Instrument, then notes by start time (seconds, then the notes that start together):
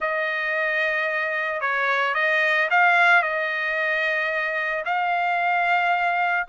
trumpet
0.00 D#5
1.60 C#5
2.14 D#5
2.70 F5
3.22 D#5
4.85 F5